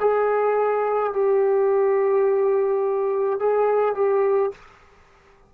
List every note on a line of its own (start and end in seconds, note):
0.00 1.13 G#4
1.13 3.39 G4
3.39 3.95 G#4
3.95 4.51 G4